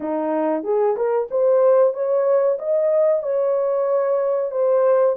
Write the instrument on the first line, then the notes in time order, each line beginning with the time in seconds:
horn
0.00 D#4
0.63 G#4
0.96 A#4
1.30 C5
1.93 C#5
2.58 D#5
3.23 C#5
4.51 C5